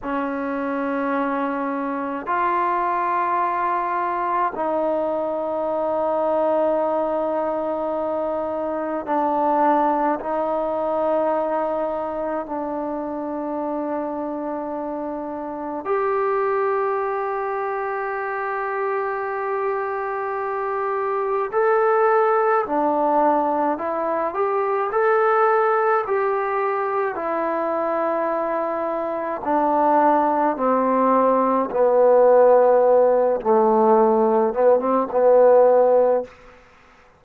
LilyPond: \new Staff \with { instrumentName = "trombone" } { \time 4/4 \tempo 4 = 53 cis'2 f'2 | dis'1 | d'4 dis'2 d'4~ | d'2 g'2~ |
g'2. a'4 | d'4 e'8 g'8 a'4 g'4 | e'2 d'4 c'4 | b4. a4 b16 c'16 b4 | }